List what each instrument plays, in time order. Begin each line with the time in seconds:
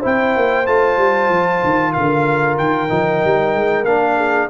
0.00 tuba C4, trombone E4, horn C5, trumpet G5
0.36 tuba A#3
0.66 tuba A3, trombone F4, trumpet A5
0.97 tuba G3
1.29 tuba F3
1.64 tuba D#3
1.92 tuba D3, horn A#4, trumpet F5
2.58 tuba D#3, trumpet G5
2.89 tuba F3, trombone D#4
3.24 tuba G3
3.54 tuba G#3
3.84 tuba A#3, trombone D4, trumpet F5
4.16 horn G#4